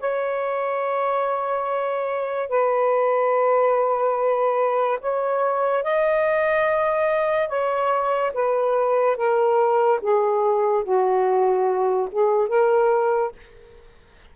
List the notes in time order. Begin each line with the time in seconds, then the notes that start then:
0.00 C#5
2.49 B4
5.01 C#5
5.84 D#5
7.48 C#5
8.34 B4
9.17 A#4
10.01 G#4
10.84 F#4
12.12 G#4
12.48 A#4